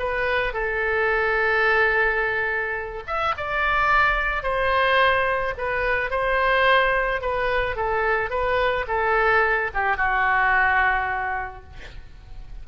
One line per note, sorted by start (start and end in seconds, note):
0.00 0.54 B4
0.54 3.04 A4
3.07 3.35 E5
3.38 4.43 D5
4.43 5.54 C5
5.58 6.11 B4
6.11 7.22 C5
7.22 7.77 B4
7.77 8.31 A4
8.31 8.86 B4
8.88 9.71 A4
9.74 9.97 G4
9.97 11.64 F#4